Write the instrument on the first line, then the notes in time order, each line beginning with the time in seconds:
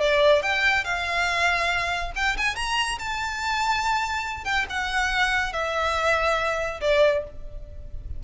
violin
0.00 D5
0.42 G5
0.84 F5
2.15 G5
2.37 G#5
2.56 A#5
2.98 A5
4.44 G5
4.70 F#5
5.53 E5
6.81 D5